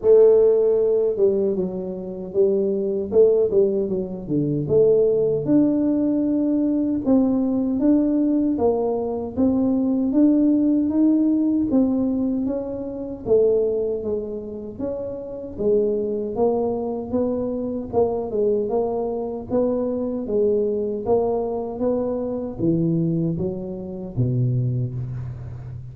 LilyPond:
\new Staff \with { instrumentName = "tuba" } { \time 4/4 \tempo 4 = 77 a4. g8 fis4 g4 | a8 g8 fis8 d8 a4 d'4~ | d'4 c'4 d'4 ais4 | c'4 d'4 dis'4 c'4 |
cis'4 a4 gis4 cis'4 | gis4 ais4 b4 ais8 gis8 | ais4 b4 gis4 ais4 | b4 e4 fis4 b,4 | }